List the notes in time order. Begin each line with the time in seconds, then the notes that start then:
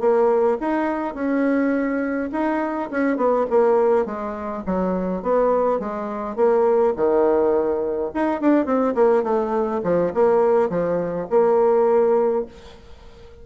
0.00 A#3
0.61 D#4
1.15 C#4
2.32 D#4
2.91 C#4
3.17 B3
3.50 A#3
4.06 G#3
4.66 F#3
5.23 B3
5.80 G#3
6.36 A#3
6.97 D#3
8.14 D#4
8.41 D4
8.66 C4
8.95 A#3
9.24 A3
9.84 F3
10.14 A#3
10.70 F3
11.30 A#3